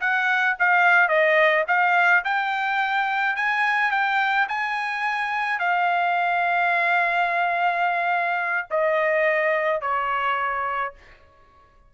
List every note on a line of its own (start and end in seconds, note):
0.00 0.56 F#5
0.59 1.08 F5
1.08 1.64 D#5
1.67 2.24 F5
2.24 3.36 G5
3.36 3.91 G#5
3.91 4.47 G5
4.48 5.59 G#5
5.59 8.67 F5
8.70 9.81 D#5
9.81 10.93 C#5